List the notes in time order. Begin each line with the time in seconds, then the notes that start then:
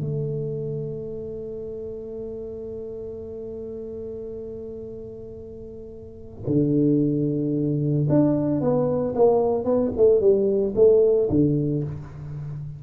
0.00 A3
6.47 D3
8.09 D4
8.61 B3
9.15 A#3
9.64 B3
9.96 A3
10.20 G3
10.75 A3
11.30 D3